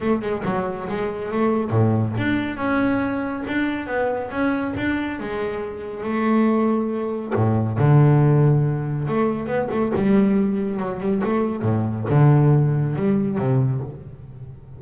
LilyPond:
\new Staff \with { instrumentName = "double bass" } { \time 4/4 \tempo 4 = 139 a8 gis8 fis4 gis4 a4 | a,4 d'4 cis'2 | d'4 b4 cis'4 d'4 | gis2 a2~ |
a4 a,4 d2~ | d4 a4 b8 a8 g4~ | g4 fis8 g8 a4 a,4 | d2 g4 c4 | }